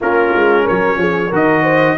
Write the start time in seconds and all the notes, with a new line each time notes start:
0.00 A#3 C#4 F4 A#4
0.34 G#3
0.63 A#4 C#5
0.70 F#3
0.97 F3 G#4
1.29 D#3 F#4 A#4 D#5
1.62 C5